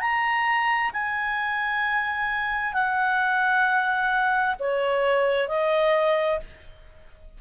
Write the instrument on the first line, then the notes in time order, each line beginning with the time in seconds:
clarinet
0.00 A#5
0.93 G#5
2.74 F#5
4.60 C#5
5.48 D#5